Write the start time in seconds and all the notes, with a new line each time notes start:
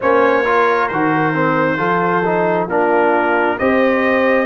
0.00 A#3 C#4 C5 C#5
0.44 F4 A#4
0.87 D#3 F#4 C5
1.33 C4
1.77 F3 F4 A4
2.25 D#4
2.67 A#3 D4 F4 A#4
3.58 C4 G4 C5 D#5